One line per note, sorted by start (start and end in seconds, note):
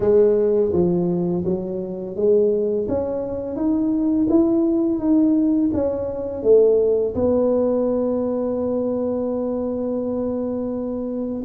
0.00 0.71 G#3
0.72 1.44 F3
1.44 2.16 F#3
2.16 2.87 G#3
2.88 3.56 C#4
3.56 4.27 D#4
4.29 4.98 E4
4.98 5.70 D#4
5.73 6.43 C#4
6.43 7.14 A3
7.14 11.43 B3